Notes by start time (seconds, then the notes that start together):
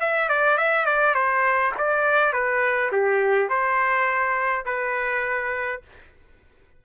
0.00 E5
0.29 D5
0.57 E5
0.86 D5
1.14 C5
1.78 D5
2.33 B4
2.92 G4
3.49 C5
4.65 B4